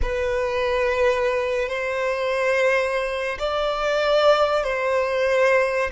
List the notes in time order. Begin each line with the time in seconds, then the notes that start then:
0.02 B4
1.69 C5
3.38 D5
4.63 C5